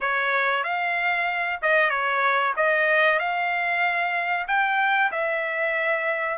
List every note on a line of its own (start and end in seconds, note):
0.00 0.63 C#5
0.63 1.59 F5
1.62 1.89 D#5
1.89 2.53 C#5
2.56 3.19 D#5
3.19 4.46 F5
4.47 5.11 G5
5.11 6.38 E5